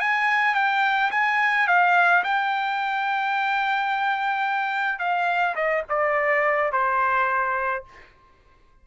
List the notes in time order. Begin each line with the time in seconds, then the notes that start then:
0.00 G#5
0.55 G5
1.11 G#5
1.67 F5
2.24 G5
4.99 F5
5.56 D#5
5.89 D5
6.72 C5